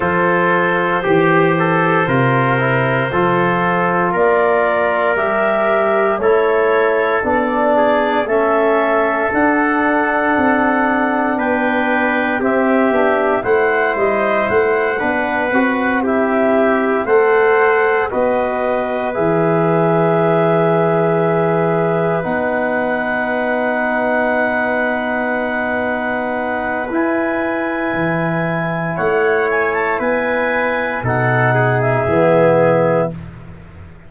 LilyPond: <<
  \new Staff \with { instrumentName = "clarinet" } { \time 4/4 \tempo 4 = 58 c''1 | d''4 e''4 cis''4 d''4 | e''4 fis''2 g''4 | e''4 fis''8 dis''8 fis''4. e''8~ |
e''8 fis''4 dis''4 e''4.~ | e''4. fis''2~ fis''8~ | fis''2 gis''2 | fis''8 gis''16 a''16 gis''4 fis''8. e''4~ e''16 | }
  \new Staff \with { instrumentName = "trumpet" } { \time 4/4 a'4 g'8 a'8 ais'4 a'4 | ais'2 a'4. gis'8 | a'2. b'4 | g'4 c''4. b'4 g'8~ |
g'8 c''4 b'2~ b'8~ | b'1~ | b'1 | cis''4 b'4 a'8 gis'4. | }
  \new Staff \with { instrumentName = "trombone" } { \time 4/4 f'4 g'4 f'8 e'8 f'4~ | f'4 g'4 e'4 d'4 | cis'4 d'2. | c'8 d'8 e'4. d'8 fis'8 e'8~ |
e'8 a'4 fis'4 gis'4.~ | gis'4. dis'2~ dis'8~ | dis'2 e'2~ | e'2 dis'4 b4 | }
  \new Staff \with { instrumentName = "tuba" } { \time 4/4 f4 e4 c4 f4 | ais4 g4 a4 b4 | a4 d'4 c'4 b4 | c'8 b8 a8 g8 a8 b8 c'4~ |
c'8 a4 b4 e4.~ | e4. b2~ b8~ | b2 e'4 e4 | a4 b4 b,4 e4 | }
>>